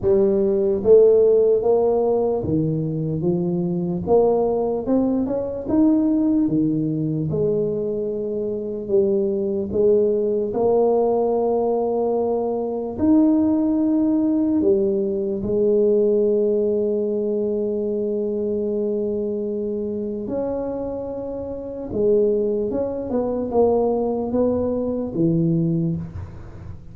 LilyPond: \new Staff \with { instrumentName = "tuba" } { \time 4/4 \tempo 4 = 74 g4 a4 ais4 dis4 | f4 ais4 c'8 cis'8 dis'4 | dis4 gis2 g4 | gis4 ais2. |
dis'2 g4 gis4~ | gis1~ | gis4 cis'2 gis4 | cis'8 b8 ais4 b4 e4 | }